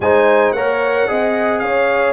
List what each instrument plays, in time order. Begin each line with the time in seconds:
0.00 tuba G#3, trombone D#4, horn C5, trumpet G#5
0.52 tuba A#3, trombone A#4, horn C#5, trumpet F#5
1.07 tuba C4, trombone G#4, horn D#5
1.59 tuba C#4, horn C#5, trumpet F5